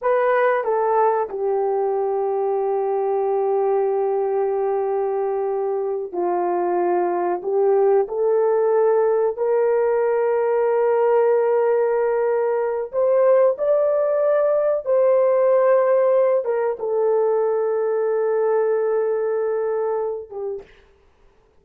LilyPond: \new Staff \with { instrumentName = "horn" } { \time 4/4 \tempo 4 = 93 b'4 a'4 g'2~ | g'1~ | g'4. f'2 g'8~ | g'8 a'2 ais'4.~ |
ais'1 | c''4 d''2 c''4~ | c''4. ais'8 a'2~ | a'2.~ a'8 g'8 | }